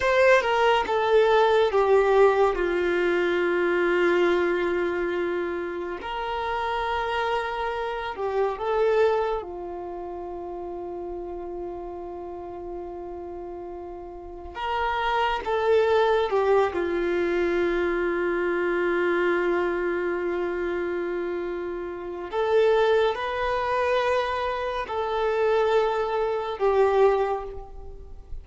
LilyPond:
\new Staff \with { instrumentName = "violin" } { \time 4/4 \tempo 4 = 70 c''8 ais'8 a'4 g'4 f'4~ | f'2. ais'4~ | ais'4. g'8 a'4 f'4~ | f'1~ |
f'4 ais'4 a'4 g'8 f'8~ | f'1~ | f'2 a'4 b'4~ | b'4 a'2 g'4 | }